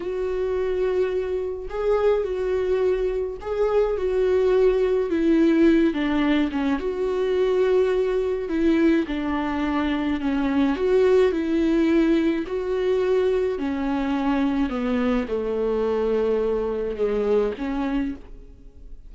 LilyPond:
\new Staff \with { instrumentName = "viola" } { \time 4/4 \tempo 4 = 106 fis'2. gis'4 | fis'2 gis'4 fis'4~ | fis'4 e'4. d'4 cis'8 | fis'2. e'4 |
d'2 cis'4 fis'4 | e'2 fis'2 | cis'2 b4 a4~ | a2 gis4 cis'4 | }